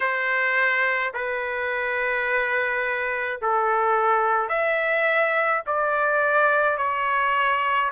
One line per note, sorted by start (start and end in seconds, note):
0.00 1.12 C5
1.13 3.40 B4
3.41 4.49 A4
4.49 5.62 E5
5.66 6.77 D5
6.77 7.90 C#5